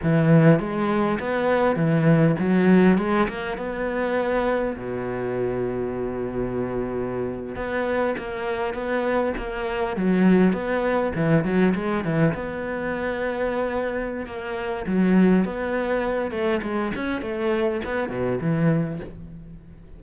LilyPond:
\new Staff \with { instrumentName = "cello" } { \time 4/4 \tempo 4 = 101 e4 gis4 b4 e4 | fis4 gis8 ais8 b2 | b,1~ | b,8. b4 ais4 b4 ais16~ |
ais8. fis4 b4 e8 fis8 gis16~ | gis16 e8 b2.~ b16 | ais4 fis4 b4. a8 | gis8 cis'8 a4 b8 b,8 e4 | }